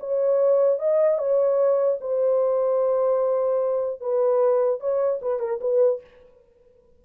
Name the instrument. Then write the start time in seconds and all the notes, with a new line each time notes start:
horn
0.00 C#5
0.79 D#5
1.18 C#5
2.01 C5
4.01 B4
4.80 C#5
5.22 B4
5.40 A#4
5.61 B4